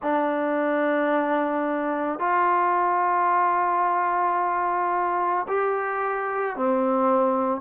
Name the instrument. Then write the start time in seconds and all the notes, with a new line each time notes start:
trombone
0.02 D4
2.19 F4
5.47 G4
6.56 C4